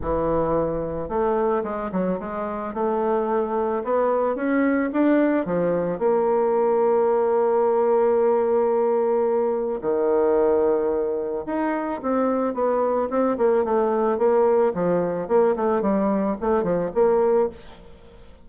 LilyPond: \new Staff \with { instrumentName = "bassoon" } { \time 4/4 \tempo 4 = 110 e2 a4 gis8 fis8 | gis4 a2 b4 | cis'4 d'4 f4 ais4~ | ais1~ |
ais2 dis2~ | dis4 dis'4 c'4 b4 | c'8 ais8 a4 ais4 f4 | ais8 a8 g4 a8 f8 ais4 | }